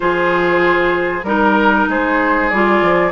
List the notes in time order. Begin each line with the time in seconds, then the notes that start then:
0.00 F3 F4 G#4 C5
1.23 G3 D#4 A#4
1.88 G#3 G#4 C5
2.49 G3 F4 D5
2.81 F3